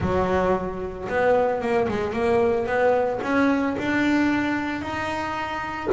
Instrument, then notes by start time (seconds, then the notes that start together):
double bass
0.00 F#3
1.09 B3
1.61 A#3
1.88 G#3
2.13 A#3
2.66 B3
3.22 C#4
3.78 D4
4.81 D#4